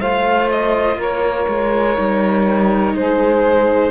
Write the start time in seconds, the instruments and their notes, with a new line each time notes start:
0.00 cello A3 F4, saxophone C5, violin F5
0.51 violin D#5
0.97 cello A#3, saxophone A#4, violin C#5
1.49 cello G#3
1.96 cello G3 D#4
2.94 cello G#3, saxophone G#4, violin C5